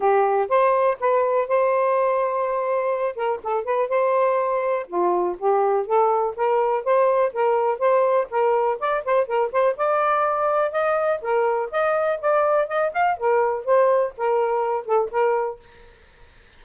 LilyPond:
\new Staff \with { instrumentName = "saxophone" } { \time 4/4 \tempo 4 = 123 g'4 c''4 b'4 c''4~ | c''2~ c''8 ais'8 a'8 b'8 | c''2 f'4 g'4 | a'4 ais'4 c''4 ais'4 |
c''4 ais'4 d''8 c''8 ais'8 c''8 | d''2 dis''4 ais'4 | dis''4 d''4 dis''8 f''8 ais'4 | c''4 ais'4. a'8 ais'4 | }